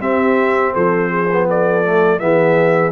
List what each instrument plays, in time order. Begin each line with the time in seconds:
0.00 trombone C4, tuba C4, horn G4, trumpet E5
0.73 tuba F3, horn A4, trumpet C5
1.10 horn G#4
1.32 trombone B3
1.48 horn A4, trumpet D5
1.84 trombone A3
2.19 tuba E3, trombone B3, horn G#4, trumpet E5